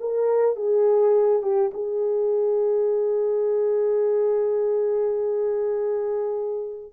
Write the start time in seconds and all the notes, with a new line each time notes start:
0.00 A#4
0.56 G#4
1.42 G4
1.74 G#4